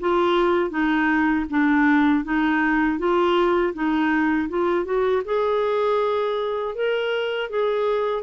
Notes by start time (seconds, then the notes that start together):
0.00 F4
0.70 D#4
1.49 D4
2.24 D#4
2.98 F4
3.73 D#4
4.49 F4
4.84 F#4
5.25 G#4
6.75 A#4
7.50 G#4